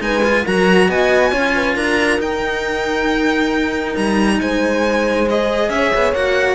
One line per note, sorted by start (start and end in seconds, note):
0.00 0.44 G#3
0.00 0.22 D#4
0.00 0.44 B4
0.00 0.46 G#5
0.24 0.45 F4
0.44 0.88 F#3
0.44 1.31 F#4
0.44 0.88 A#4
0.44 0.90 A#5
0.88 1.32 B3
0.88 1.31 D#5
0.88 1.76 G#5
1.31 1.76 C#4
1.31 2.18 F4
1.31 1.53 C#5
1.55 1.75 B4
1.75 2.18 D4
1.75 4.38 A#4
1.75 2.20 A#5
2.18 3.94 D#4
2.18 5.26 D#4
2.18 3.96 G5
3.96 4.40 G3
3.96 4.40 A#5
4.40 5.69 G#3
4.40 5.70 C5
4.40 5.29 G#5
5.26 6.14 G#4
5.26 5.70 D#5
5.69 5.91 C#4
5.69 6.55 C#5
5.69 6.13 E5
5.95 6.13 B3
6.13 6.55 A#3
6.13 6.55 F#4
6.13 6.55 F#5